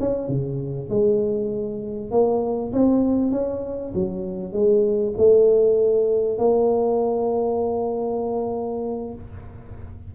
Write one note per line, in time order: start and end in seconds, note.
0.00 0.29 C#4
0.29 0.90 C#3
0.90 2.11 G#3
2.11 2.72 A#3
2.73 3.32 C4
3.32 3.93 C#4
3.95 4.53 F#3
4.53 5.14 G#3
5.18 6.39 A3
6.39 9.14 A#3